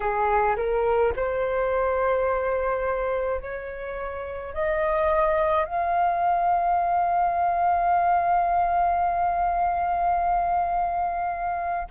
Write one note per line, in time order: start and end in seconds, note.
0.00 0.56 G#4
0.56 1.13 A#4
1.16 3.41 C5
3.41 4.53 C#5
4.53 5.65 D#5
5.65 11.88 F5